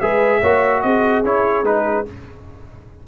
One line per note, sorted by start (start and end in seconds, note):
0.00 0.42 G#3
0.00 0.42 G#4
0.00 0.40 B4
0.00 0.81 E5
0.40 0.83 A#3
0.40 1.24 F#4
0.40 0.81 C#5
0.81 1.24 C4
0.81 2.07 G#4
0.81 1.22 D#5
1.24 1.63 C#4
1.24 1.64 E4
1.24 1.65 C#5
1.63 2.03 G#3
1.63 2.05 D#4
1.63 2.06 B4